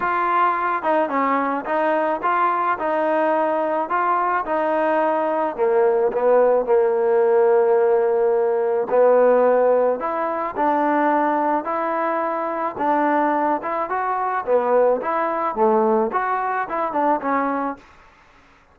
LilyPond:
\new Staff \with { instrumentName = "trombone" } { \time 4/4 \tempo 4 = 108 f'4. dis'8 cis'4 dis'4 | f'4 dis'2 f'4 | dis'2 ais4 b4 | ais1 |
b2 e'4 d'4~ | d'4 e'2 d'4~ | d'8 e'8 fis'4 b4 e'4 | a4 fis'4 e'8 d'8 cis'4 | }